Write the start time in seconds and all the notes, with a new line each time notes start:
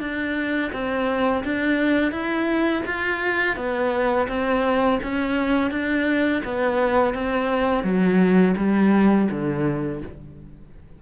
0.00 D4
0.72 C4
1.44 D4
2.11 E4
2.86 F4
3.56 B3
4.28 C4
5.03 C#4
5.71 D4
6.44 B3
7.14 C4
7.83 F#3
8.57 G3
9.31 D3